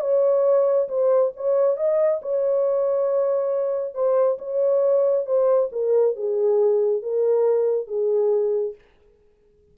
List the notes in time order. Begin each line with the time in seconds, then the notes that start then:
0.00 C#5
0.88 C5
1.36 C#5
1.77 D#5
2.22 C#5
3.94 C5
4.38 C#5
5.26 C5
5.72 A#4
6.16 G#4
7.02 A#4
7.87 G#4